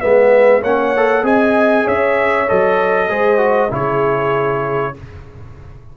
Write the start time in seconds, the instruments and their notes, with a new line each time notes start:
0.00 tuba G#3, trombone B3, horn B4, trumpet E5
0.61 tuba A#3, trombone C#4, horn C#5, trumpet F#5
0.97 trombone A4
1.23 tuba C4, trombone G#4, horn D#5, trumpet G#5
1.85 tuba C#4, horn C#5, trumpet E5
2.49 tuba F#3, trombone A4, trumpet D#5
3.10 tuba G#3, trombone G#4, horn C5
3.38 trombone F#4
3.71 tuba C#3, trombone E4, horn G#4, trumpet C#5